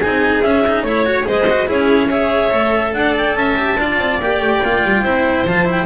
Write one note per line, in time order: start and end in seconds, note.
0.00 0.42 C4
0.00 0.44 D#4
0.00 0.84 G#4
0.00 0.42 G#5
0.42 0.83 C#4
0.42 0.65 C#4
0.42 0.83 E5
0.67 0.87 D#4
0.83 1.25 A3
0.83 1.05 E4
0.83 1.25 C#5
0.83 1.27 C#5
1.05 1.24 F#4
1.24 1.69 G#3
1.24 1.44 G#4
1.24 1.68 C5
1.24 1.69 D#5
1.50 1.67 F#4
1.67 2.52 C#4
1.67 2.09 E4
1.67 2.09 G#4
1.67 2.10 C#5
2.09 2.51 G#4
2.09 2.93 C#5
2.09 2.93 E5
2.51 2.93 A3
2.51 3.56 A4
2.93 3.35 D4
2.93 3.38 D5
2.93 3.14 F#5
3.17 3.35 G5
3.35 3.77 C#4
3.35 3.80 E5
3.35 4.19 A5
3.56 3.77 G4
3.78 3.98 D4
3.78 4.21 F4
3.78 5.03 D5
3.98 4.19 C4
4.19 4.39 A#3
4.19 4.64 G4
4.19 5.47 G5
4.39 4.60 A3
4.62 4.83 A#3
4.62 5.05 F4
4.84 5.02 G3
5.02 5.44 C4
5.02 5.47 E4
5.02 5.86 C5
5.46 5.86 F3
5.46 5.65 F4
5.46 5.69 A5
5.65 5.86 E4
5.65 5.86 G5